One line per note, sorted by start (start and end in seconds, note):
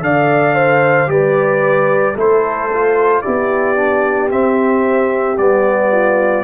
0.00 1.08 D3
0.00 1.07 A4
0.00 0.55 D5
0.00 1.10 F5
0.55 1.08 C5
1.07 2.15 G3
1.07 2.14 G4
1.07 2.14 B4
1.07 2.17 D5
2.14 3.23 A3
2.14 2.70 E4
2.14 3.21 A4
2.14 3.22 C5
2.73 3.24 F4
3.22 4.31 B3
3.22 3.76 E4
3.22 5.91 G4
3.22 4.29 D5
3.76 4.29 D4
4.29 5.36 C4
4.29 5.38 C4
4.29 5.38 E5
5.38 6.44 G3
5.38 6.44 B3
5.38 6.44 D5
5.91 6.44 F4